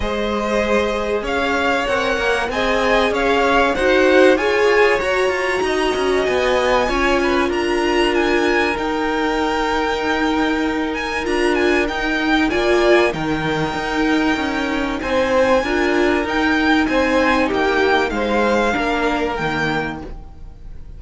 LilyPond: <<
  \new Staff \with { instrumentName = "violin" } { \time 4/4 \tempo 4 = 96 dis''2 f''4 fis''4 | gis''4 f''4 fis''4 gis''4 | ais''2 gis''2 | ais''4 gis''4 g''2~ |
g''4. gis''8 ais''8 gis''8 g''4 | gis''4 g''2. | gis''2 g''4 gis''4 | g''4 f''2 g''4 | }
  \new Staff \with { instrumentName = "violin" } { \time 4/4 c''2 cis''2 | dis''4 cis''4 c''4 cis''4~ | cis''4 dis''2 cis''8 b'8 | ais'1~ |
ais'1 | d''4 ais'2. | c''4 ais'2 c''4 | g'4 c''4 ais'2 | }
  \new Staff \with { instrumentName = "viola" } { \time 4/4 gis'2. ais'4 | gis'2 fis'4 gis'4 | fis'2. f'4~ | f'2 dis'2~ |
dis'2 f'4 dis'4 | f'4 dis'2.~ | dis'4 f'4 dis'2~ | dis'2 d'4 ais4 | }
  \new Staff \with { instrumentName = "cello" } { \time 4/4 gis2 cis'4 c'8 ais8 | c'4 cis'4 dis'4 f'4 | fis'8 f'8 dis'8 cis'8 b4 cis'4 | d'2 dis'2~ |
dis'2 d'4 dis'4 | ais4 dis4 dis'4 cis'4 | c'4 d'4 dis'4 c'4 | ais4 gis4 ais4 dis4 | }
>>